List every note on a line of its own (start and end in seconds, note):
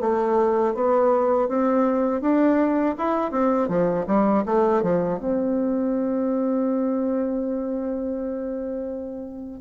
0.00 0.74 A3
0.74 1.48 B3
1.48 2.21 C4
2.21 2.95 D4
2.98 3.31 E4
3.31 3.68 C4
3.68 4.05 F3
4.06 4.43 G3
4.45 4.82 A3
4.82 5.19 F3
5.19 9.61 C4